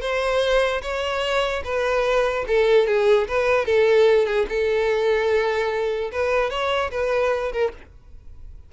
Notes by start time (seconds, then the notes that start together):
0.00 C5
0.81 C#5
1.64 B4
2.47 A4
2.87 G#4
3.27 B4
3.65 A4
4.25 G#4
4.49 A4
6.11 B4
6.50 C#5
6.91 B4
7.52 A#4